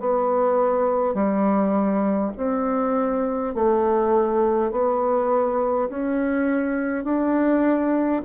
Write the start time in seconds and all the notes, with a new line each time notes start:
0.00 B3
1.14 G3
2.37 C4
3.55 A3
4.72 B3
5.90 C#4
7.04 D4